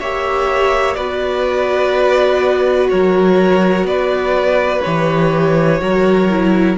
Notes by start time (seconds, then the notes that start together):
0.00 A#3 G4 C#5 E5
0.94 B3 F#4 B4 D5
2.90 F#3 A#4 C#5
3.84 B3 B4 D5
4.83 E3 G4 C#5
5.79 F#3 F#4 A#4
6.30 E4